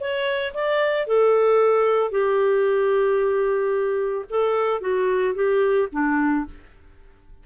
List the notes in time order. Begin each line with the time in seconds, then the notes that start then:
0.00 C#5
0.54 D5
1.07 A4
2.11 G4
4.30 A4
4.81 F#4
5.35 G4
5.92 D4